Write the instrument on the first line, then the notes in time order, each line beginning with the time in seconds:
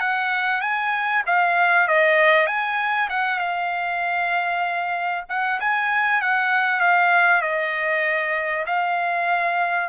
trumpet
0.00 F#5
0.61 G#5
1.26 F5
1.88 D#5
2.47 G#5
3.09 F#5
3.39 F5
5.29 F#5
5.60 G#5
6.21 F#5
6.80 F5
7.42 D#5
8.66 F5